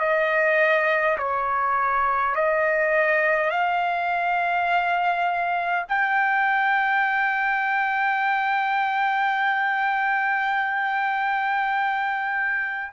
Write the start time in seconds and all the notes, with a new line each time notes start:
0.00 D#5
1.18 C#5
2.36 D#5
3.51 F5
5.89 G5